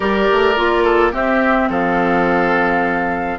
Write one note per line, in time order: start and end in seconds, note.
0.00 0.28 G3
0.00 0.54 G4
0.00 0.84 A#4
0.00 1.13 D5
0.31 0.57 A3
0.56 1.13 A#3
0.56 1.12 F4
0.84 1.12 A4
1.12 3.38 C4
1.12 1.69 C4
1.12 1.68 G4
1.12 1.70 E5
1.69 3.39 F3
1.69 3.39 A4
1.69 3.39 F5